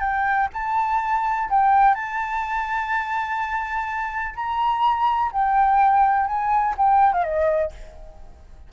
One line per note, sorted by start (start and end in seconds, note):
0.00 0.48 G5
0.53 1.49 A5
1.50 1.95 G5
1.95 4.35 A5
4.35 5.31 A#5
5.32 6.27 G5
6.27 6.75 G#5
6.77 7.13 G5
7.13 7.24 F5
7.24 7.72 D#5